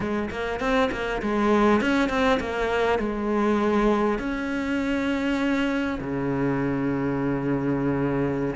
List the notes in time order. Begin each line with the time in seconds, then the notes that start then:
0.00 G#3
0.30 A#3
0.59 C4
0.91 A#3
1.22 G#3
1.81 C#4
2.09 C4
2.39 A#3
2.98 G#3
4.18 C#4
6.00 C#3